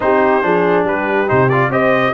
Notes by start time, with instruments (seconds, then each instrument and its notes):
0.00 tuba C4, trombone D#4, horn G4, trumpet C5
0.42 tuba F3, trombone D4, horn G#4
0.83 tuba G3, horn G4, trumpet B4
1.27 tuba C3, trombone D#4, trumpet C5
1.49 trombone F4, trumpet D5
1.69 tuba C4, trombone G4, horn C5, trumpet D#5